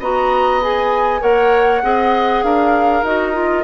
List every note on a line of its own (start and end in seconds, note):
0.00 1.21 B3
0.00 0.62 F#4
0.00 1.21 D#5
0.00 0.63 A#5
0.62 1.20 G#4
0.62 1.22 G#5
1.20 1.83 A#3
1.20 1.81 A#4
1.20 1.82 C#5
1.20 2.44 F#5
1.83 2.44 C4
1.83 3.04 G#4
1.83 2.45 D#5
2.44 3.03 D4
2.44 3.65 A#4
2.44 3.04 F5
3.03 3.64 D#4
3.03 3.34 F#4
3.03 3.65 D#5
3.34 3.64 F4